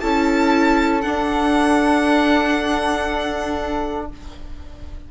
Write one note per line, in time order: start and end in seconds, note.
0.00 1.04 C#4
0.00 1.03 E4
0.00 4.09 A4
0.00 1.01 A5
1.01 4.08 D4
1.01 4.12 D4
1.01 4.07 F#5